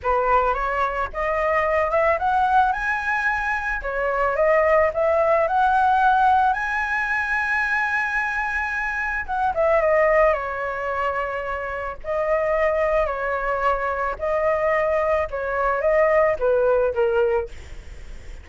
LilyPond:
\new Staff \with { instrumentName = "flute" } { \time 4/4 \tempo 4 = 110 b'4 cis''4 dis''4. e''8 | fis''4 gis''2 cis''4 | dis''4 e''4 fis''2 | gis''1~ |
gis''4 fis''8 e''8 dis''4 cis''4~ | cis''2 dis''2 | cis''2 dis''2 | cis''4 dis''4 b'4 ais'4 | }